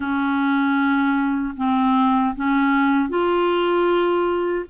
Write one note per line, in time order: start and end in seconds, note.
0.00 1.54 C#4
1.56 2.34 C4
2.35 3.09 C#4
3.09 4.65 F4